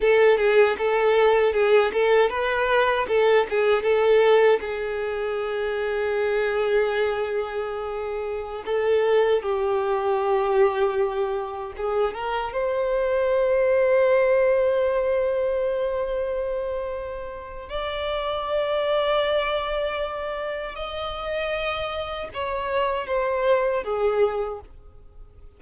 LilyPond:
\new Staff \with { instrumentName = "violin" } { \time 4/4 \tempo 4 = 78 a'8 gis'8 a'4 gis'8 a'8 b'4 | a'8 gis'8 a'4 gis'2~ | gis'2.~ gis'16 a'8.~ | a'16 g'2. gis'8 ais'16~ |
ais'16 c''2.~ c''8.~ | c''2. d''4~ | d''2. dis''4~ | dis''4 cis''4 c''4 gis'4 | }